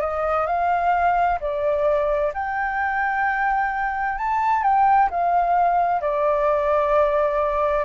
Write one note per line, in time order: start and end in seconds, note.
0.00 0.46 D#5
0.46 1.38 F5
1.40 2.32 D5
2.33 4.17 G5
4.17 4.63 A5
4.63 5.09 G5
5.10 6.01 F5
6.01 7.84 D5